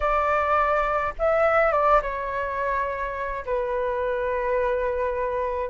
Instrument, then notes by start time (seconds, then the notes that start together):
flute
0.00 D5
1.18 E5
1.72 D5
2.02 C#5
3.45 B4